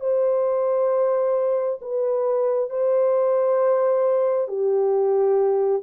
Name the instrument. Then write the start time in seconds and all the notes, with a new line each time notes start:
horn
0.00 C5
1.81 B4
2.70 C5
4.48 G4